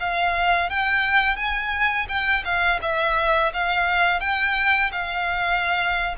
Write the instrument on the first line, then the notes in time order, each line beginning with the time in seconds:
violin
0.00 F5
0.70 G5
1.36 G#5
2.09 G5
2.45 F5
2.82 E5
3.54 F5
4.20 G5
4.92 F5